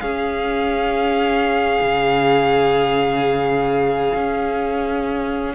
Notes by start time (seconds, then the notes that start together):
0.00 C#4 G#4 F5
1.82 C#3
4.14 C#4